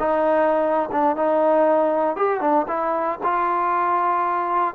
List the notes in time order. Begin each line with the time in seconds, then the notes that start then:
0.00 D#4
0.92 D4
1.17 D#4
2.17 G4
2.41 D4
2.68 E4
3.24 F4